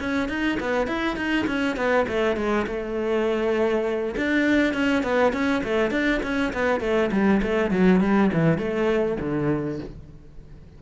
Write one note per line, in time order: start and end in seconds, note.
0.00 0.29 C#4
0.29 0.59 D#4
0.60 0.87 B3
0.87 1.16 E4
1.16 1.46 D#4
1.47 1.76 C#4
1.76 2.06 B3
2.08 2.37 A3
2.37 2.66 G#3
2.67 4.15 A3
4.17 4.73 D4
4.73 5.03 C#4
5.03 5.33 B3
5.33 5.62 C#4
5.64 5.91 A3
5.91 6.21 D4
6.23 6.53 C#4
6.53 6.80 B3
6.80 7.10 A3
7.12 7.41 G3
7.42 7.71 A3
7.71 8.01 F#3
8.01 8.30 G3
8.33 8.58 E3
8.58 9.18 A3
9.20 9.79 D3